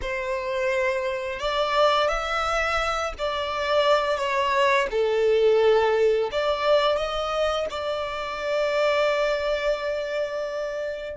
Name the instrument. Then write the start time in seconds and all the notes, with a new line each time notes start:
violin
0.01 C5
1.39 D5
2.08 E5
3.18 D5
4.17 C#5
4.90 A4
6.31 D5
6.96 D#5
7.69 D5